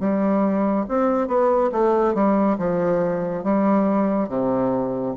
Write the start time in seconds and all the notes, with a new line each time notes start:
0.00 G3
0.88 C4
1.28 B3
1.72 A3
2.15 G3
2.58 F3
3.43 G3
4.29 C3